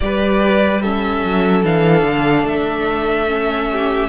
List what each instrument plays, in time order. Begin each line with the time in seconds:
0.00 cello G3, viola G4, violin B4 D5
0.82 viola C#4, violin A4 E5
1.23 cello F#3
1.64 cello E3, viola D4, violin F5
2.02 cello D3
2.43 cello A3, violin E5
3.27 viola C#4
3.72 violin G4